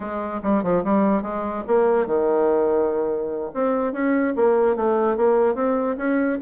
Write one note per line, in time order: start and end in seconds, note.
0.00 0.40 G#3
0.42 0.63 G3
0.63 0.83 F3
0.84 1.22 G3
1.22 1.63 G#3
1.67 2.06 A#3
2.06 3.51 D#3
3.54 3.92 C4
3.92 4.34 C#4
4.36 4.75 A#3
4.75 5.16 A3
5.16 5.54 A#3
5.54 5.96 C4
5.97 6.38 C#4